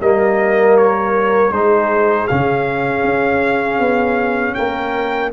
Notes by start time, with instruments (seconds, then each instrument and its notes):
0.00 tuba G3, trombone A#3, horn A#4, trumpet D#5
0.77 trumpet C#5
1.51 tuba G#3, trombone D#4, horn G#4, trumpet C5
2.27 tuba C#3, trombone C#4, trumpet F5
3.03 tuba C#4
3.79 tuba B3
4.54 tuba A#3, horn A#4, trumpet G5